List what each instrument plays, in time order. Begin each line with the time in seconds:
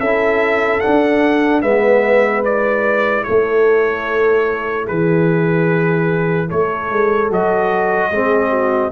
0.00 tuba C#4, trombone E4, horn A4, trumpet E5
0.80 trombone D4, tuba D4, trumpet F#5
1.62 tuba G#3, trombone B3, horn B4, trumpet E5
2.44 trombone E4, trumpet D5
3.23 tuba A3, horn A4, trumpet C#5
4.85 tuba E3, horn G#4, trumpet B4
6.47 tuba A3, horn A4, trumpet C#5
6.90 tuba G#3
7.30 tuba F#3, trombone F#4, trumpet D#5
8.11 tuba G#3, trombone C4, horn G#4
8.49 horn F#4